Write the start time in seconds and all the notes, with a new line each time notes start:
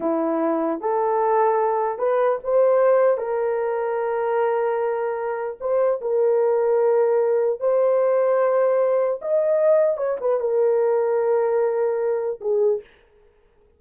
0.00 E4
0.80 A4
1.98 B4
2.43 C5
3.17 A#4
5.60 C5
6.01 A#4
7.60 C5
9.21 D#5
9.97 C#5
10.20 B4
10.40 A#4
12.41 G#4